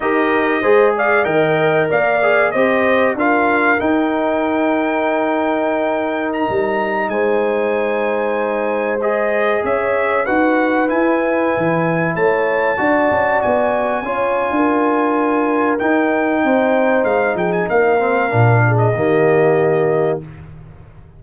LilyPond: <<
  \new Staff \with { instrumentName = "trumpet" } { \time 4/4 \tempo 4 = 95 dis''4. f''8 g''4 f''4 | dis''4 f''4 g''2~ | g''2 ais''4~ ais''16 gis''8.~ | gis''2~ gis''16 dis''4 e''8.~ |
e''16 fis''4 gis''2 a''8.~ | a''4~ a''16 gis''2~ gis''8.~ | gis''4 g''2 f''8 g''16 gis''16 | f''4.~ f''16 dis''2~ dis''16 | }
  \new Staff \with { instrumentName = "horn" } { \time 4/4 ais'4 c''8 d''8 dis''4 d''4 | c''4 ais'2.~ | ais'2.~ ais'16 c''8.~ | c''2.~ c''16 cis''8.~ |
cis''16 b'2. cis''8.~ | cis''16 d''2 cis''8. ais'4~ | ais'2 c''4. gis'8 | ais'4. gis'8 g'2 | }
  \new Staff \with { instrumentName = "trombone" } { \time 4/4 g'4 gis'4 ais'4. gis'8 | g'4 f'4 dis'2~ | dis'1~ | dis'2~ dis'16 gis'4.~ gis'16~ |
gis'16 fis'4 e'2~ e'8.~ | e'16 fis'2 f'4.~ f'16~ | f'4 dis'2.~ | dis'8 c'8 d'4 ais2 | }
  \new Staff \with { instrumentName = "tuba" } { \time 4/4 dis'4 gis4 dis4 ais4 | c'4 d'4 dis'2~ | dis'2~ dis'16 g4 gis8.~ | gis2.~ gis16 cis'8.~ |
cis'16 dis'4 e'4 e4 a8.~ | a16 d'8 cis'8 b4 cis'8. d'4~ | d'4 dis'4 c'4 gis8 f8 | ais4 ais,4 dis2 | }
>>